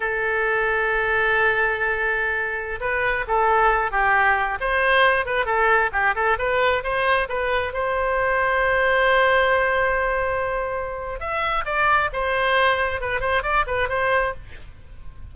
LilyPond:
\new Staff \with { instrumentName = "oboe" } { \time 4/4 \tempo 4 = 134 a'1~ | a'2~ a'16 b'4 a'8.~ | a'8. g'4. c''4. b'16~ | b'16 a'4 g'8 a'8 b'4 c''8.~ |
c''16 b'4 c''2~ c''8.~ | c''1~ | c''4 e''4 d''4 c''4~ | c''4 b'8 c''8 d''8 b'8 c''4 | }